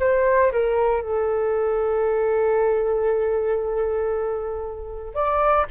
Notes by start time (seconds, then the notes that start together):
0.00 C5
0.52 A#4
1.02 A4
5.15 D5